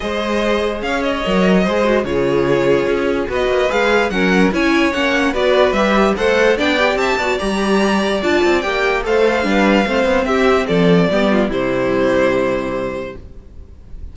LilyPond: <<
  \new Staff \with { instrumentName = "violin" } { \time 4/4 \tempo 4 = 146 dis''2 f''8 dis''4.~ | dis''4 cis''2. | dis''4 f''4 fis''4 gis''4 | fis''4 d''4 e''4 fis''4 |
g''4 a''4 ais''2 | a''4 g''4 f''2~ | f''4 e''4 d''2 | c''1 | }
  \new Staff \with { instrumentName = "violin" } { \time 4/4 c''2 cis''2 | c''4 gis'2. | b'2 ais'4 cis''4~ | cis''4 b'2 c''4 |
d''4 e''8 d''2~ d''8~ | d''2 c''4 b'4 | c''4 g'4 a'4 g'8 f'8 | e'1 | }
  \new Staff \with { instrumentName = "viola" } { \time 4/4 gis'2. ais'4 | gis'8 fis'8 f'2. | fis'4 gis'4 cis'4 e'4 | cis'4 fis'4 g'4 a'4 |
d'8 g'4 fis'8 g'2 | f'4 g'4 a'4 d'4 | c'2. b4 | g1 | }
  \new Staff \with { instrumentName = "cello" } { \time 4/4 gis2 cis'4 fis4 | gis4 cis2 cis'4 | b8 ais8 gis4 fis4 cis'4 | ais4 b4 g4 a4 |
b4 c'8 b8 g2 | d'8 c'8 ais4 a4 g4 | a8 b8 c'4 f4 g4 | c1 | }
>>